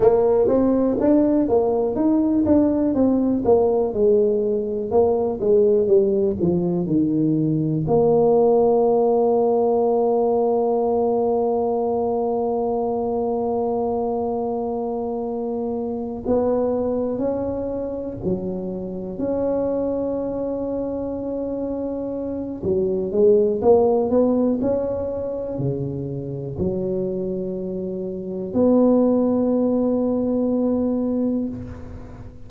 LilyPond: \new Staff \with { instrumentName = "tuba" } { \time 4/4 \tempo 4 = 61 ais8 c'8 d'8 ais8 dis'8 d'8 c'8 ais8 | gis4 ais8 gis8 g8 f8 dis4 | ais1~ | ais1~ |
ais8 b4 cis'4 fis4 cis'8~ | cis'2. fis8 gis8 | ais8 b8 cis'4 cis4 fis4~ | fis4 b2. | }